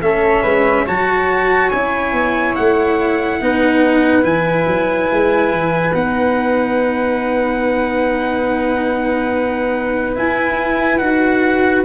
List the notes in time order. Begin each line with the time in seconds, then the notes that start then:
0.00 A3 C#4 A4 E5
0.42 G#3 B4
0.86 F#3 F#4 C#5 A5
1.70 C#4 E4 G#5
2.13 B3
2.55 A3 F#5
3.41 B3 D#4 B4
4.22 E3 E4 G#5
4.67 F#3
5.12 G#3
5.52 E3
5.94 B3 D#4 F#5
10.16 E4 G#5
10.98 D#4 F#4 F#5